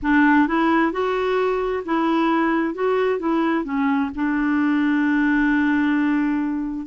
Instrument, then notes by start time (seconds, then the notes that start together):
clarinet
0.02 D4
0.47 E4
0.92 F#4
1.85 E4
2.74 F#4
3.19 E4
3.64 C#4
4.15 D4